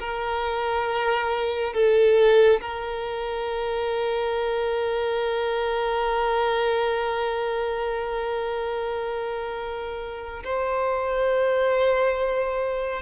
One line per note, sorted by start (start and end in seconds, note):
0.00 1.74 A#4
1.74 2.61 A4
2.61 10.43 A#4
10.44 13.02 C5